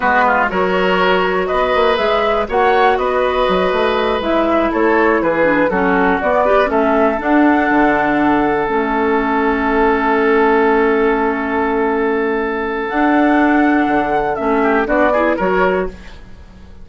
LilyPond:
<<
  \new Staff \with { instrumentName = "flute" } { \time 4/4 \tempo 4 = 121 b'4 cis''2 dis''4 | e''4 fis''4 dis''2~ | dis''8 e''4 cis''4 b'4 a'8~ | a'8 d''4 e''4 fis''4.~ |
fis''4. e''2~ e''8~ | e''1~ | e''2 fis''2~ | fis''4 e''4 d''4 cis''4 | }
  \new Staff \with { instrumentName = "oboe" } { \time 4/4 fis'8 f'8 ais'2 b'4~ | b'4 cis''4 b'2~ | b'4. a'4 gis'4 fis'8~ | fis'4 b'8 a'2~ a'8~ |
a'1~ | a'1~ | a'1~ | a'4. g'8 fis'8 gis'8 ais'4 | }
  \new Staff \with { instrumentName = "clarinet" } { \time 4/4 b4 fis'2. | gis'4 fis'2.~ | fis'8 e'2~ e'8 d'8 cis'8~ | cis'8 b8 g'8 cis'4 d'4.~ |
d'4. cis'2~ cis'8~ | cis'1~ | cis'2 d'2~ | d'4 cis'4 d'8 e'8 fis'4 | }
  \new Staff \with { instrumentName = "bassoon" } { \time 4/4 gis4 fis2 b8 ais8 | gis4 ais4 b4 fis8 a8~ | a8 gis4 a4 e4 fis8~ | fis8 b4 a4 d'4 d8~ |
d4. a2~ a8~ | a1~ | a2 d'2 | d4 a4 b4 fis4 | }
>>